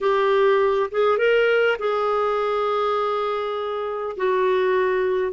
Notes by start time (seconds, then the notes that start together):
0.01 G4
0.91 G#4
1.17 A#4
1.78 G#4
4.17 F#4